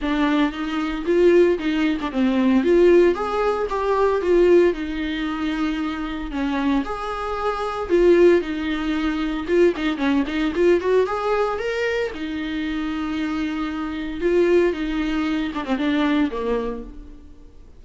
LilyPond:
\new Staff \with { instrumentName = "viola" } { \time 4/4 \tempo 4 = 114 d'4 dis'4 f'4 dis'8. d'16 | c'4 f'4 gis'4 g'4 | f'4 dis'2. | cis'4 gis'2 f'4 |
dis'2 f'8 dis'8 cis'8 dis'8 | f'8 fis'8 gis'4 ais'4 dis'4~ | dis'2. f'4 | dis'4. d'16 c'16 d'4 ais4 | }